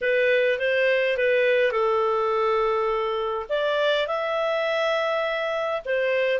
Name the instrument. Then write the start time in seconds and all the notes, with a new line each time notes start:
clarinet
0.01 B4
0.59 C5
1.17 B4
1.71 A4
3.49 D5
4.07 E5
5.85 C5